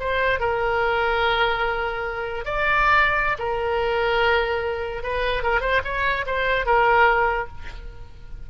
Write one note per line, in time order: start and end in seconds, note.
0.00 0.40 C5
0.40 2.45 A#4
2.45 3.38 D5
3.39 5.03 A#4
5.03 5.43 B4
5.43 5.61 A#4
5.61 5.82 C5
5.85 6.26 C#5
6.27 6.66 C5
6.66 7.48 A#4